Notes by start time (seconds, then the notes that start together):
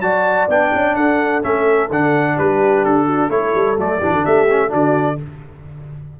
0.00 F#3 F#4 D5 A5
0.48 B3 D4 G5
0.74 C#4
0.95 D4 A4 F#5
1.42 A3 C#4 E5
1.90 D3 D4 F#5
2.36 G3 G4 B4
2.84 D4 A4
3.05 F#4
3.29 A3 E4 A4 C#5
3.54 G3
3.77 F#3 A3 D5
3.99 E3 D4 G4
4.09 D3 F#4
4.23 A3 G4 E5
4.49 C#4
4.68 D3 D4 F#4 D5